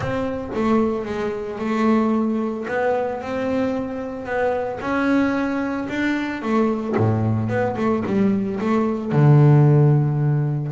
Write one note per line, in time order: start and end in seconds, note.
0.00 0.51 C4
0.54 1.05 A3
1.05 1.58 G#3
1.59 2.66 A3
2.68 3.21 B3
3.21 4.25 C4
4.25 4.79 B3
4.80 5.87 C#4
5.88 6.42 D4
6.42 6.95 A3
6.96 7.48 A2
7.48 7.75 B3
7.77 8.03 A3
8.06 8.59 G3
8.60 9.12 A3
9.12 10.71 D3